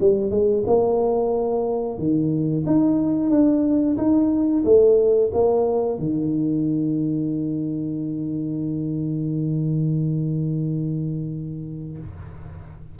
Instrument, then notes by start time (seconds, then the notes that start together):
tuba
0.00 G3
0.30 G#3
0.66 A#3
1.98 D#3
2.66 D#4
3.30 D4
3.97 D#4
4.65 A3
5.33 A#3
5.98 D#3